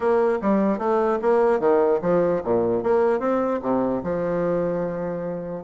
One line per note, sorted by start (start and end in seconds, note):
0.00 0.38 A#3
0.41 0.78 G3
0.78 1.18 A3
1.21 1.59 A#3
1.59 2.00 D#3
2.01 2.41 F3
2.44 2.83 A#2
2.83 3.19 A#3
3.19 3.60 C4
3.61 4.02 C3
4.03 5.64 F3